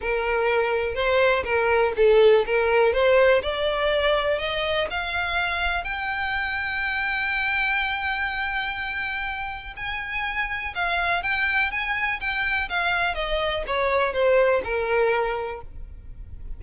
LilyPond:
\new Staff \with { instrumentName = "violin" } { \time 4/4 \tempo 4 = 123 ais'2 c''4 ais'4 | a'4 ais'4 c''4 d''4~ | d''4 dis''4 f''2 | g''1~ |
g''1 | gis''2 f''4 g''4 | gis''4 g''4 f''4 dis''4 | cis''4 c''4 ais'2 | }